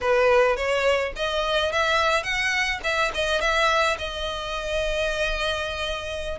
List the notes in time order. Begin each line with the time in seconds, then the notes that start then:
0.00 B4
0.56 C#5
1.16 D#5
1.72 E5
2.23 F#5
2.83 E5
3.14 D#5
3.40 E5
3.98 D#5